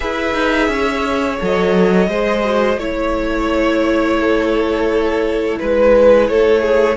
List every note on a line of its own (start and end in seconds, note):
0.00 0.34 E4
0.00 1.39 G#4
0.00 0.70 B4
0.00 1.38 E5
0.34 0.68 D#4
0.68 1.38 C#4
0.68 2.09 C#5
1.39 2.08 F#3
1.39 2.09 A4
1.39 2.79 D#5
2.08 2.76 G#3
2.08 2.44 G#4
2.08 2.79 C5
2.44 2.78 F#4
2.76 5.55 A3
2.76 6.97 E4
2.76 4.18 C#5
2.76 5.58 C#5
4.19 5.59 A4
5.59 6.29 G#3
5.59 6.28 B4
5.59 6.30 B4
6.28 6.97 A3
6.28 6.61 A4
6.28 6.97 C#5
6.61 6.96 G#4